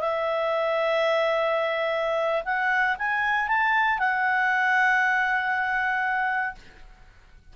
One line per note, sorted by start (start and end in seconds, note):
0.00 2.44 E5
2.45 2.97 F#5
2.99 3.48 G#5
3.48 3.99 A5
3.99 6.55 F#5